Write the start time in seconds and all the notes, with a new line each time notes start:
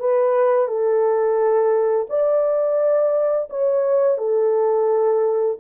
0.00 B4
0.68 A4
2.10 D5
3.50 C#5
4.18 A4